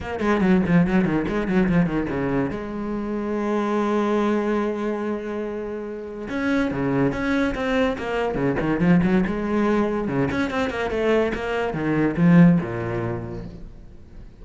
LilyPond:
\new Staff \with { instrumentName = "cello" } { \time 4/4 \tempo 4 = 143 ais8 gis8 fis8 f8 fis8 dis8 gis8 fis8 | f8 dis8 cis4 gis2~ | gis1~ | gis2. cis'4 |
cis4 cis'4 c'4 ais4 | cis8 dis8 f8 fis8 gis2 | cis8 cis'8 c'8 ais8 a4 ais4 | dis4 f4 ais,2 | }